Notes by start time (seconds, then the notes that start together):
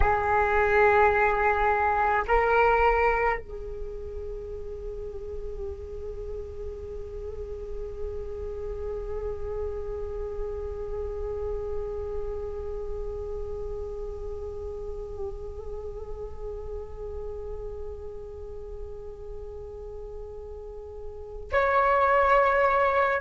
0.00 G#4
2.27 A#4
3.39 G#4
21.51 C#5